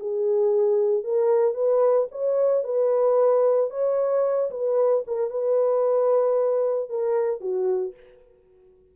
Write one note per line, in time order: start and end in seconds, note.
0.00 1.04 G#4
1.04 1.55 A#4
1.55 2.08 B4
2.11 2.64 C#5
2.64 3.70 B4
3.71 4.50 C#5
4.51 5.04 B4
5.07 5.30 A#4
5.30 6.90 B4
6.90 7.41 A#4
7.41 7.94 F#4